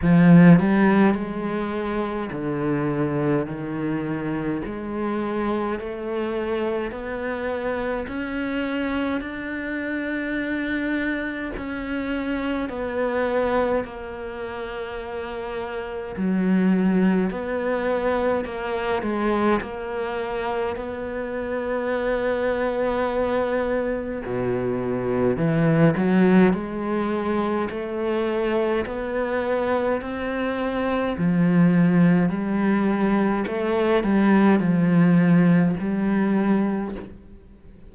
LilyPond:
\new Staff \with { instrumentName = "cello" } { \time 4/4 \tempo 4 = 52 f8 g8 gis4 d4 dis4 | gis4 a4 b4 cis'4 | d'2 cis'4 b4 | ais2 fis4 b4 |
ais8 gis8 ais4 b2~ | b4 b,4 e8 fis8 gis4 | a4 b4 c'4 f4 | g4 a8 g8 f4 g4 | }